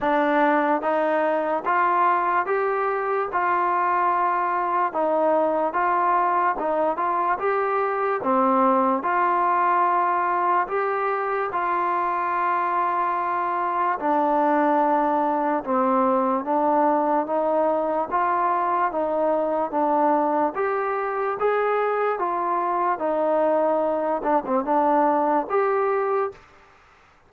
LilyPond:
\new Staff \with { instrumentName = "trombone" } { \time 4/4 \tempo 4 = 73 d'4 dis'4 f'4 g'4 | f'2 dis'4 f'4 | dis'8 f'8 g'4 c'4 f'4~ | f'4 g'4 f'2~ |
f'4 d'2 c'4 | d'4 dis'4 f'4 dis'4 | d'4 g'4 gis'4 f'4 | dis'4. d'16 c'16 d'4 g'4 | }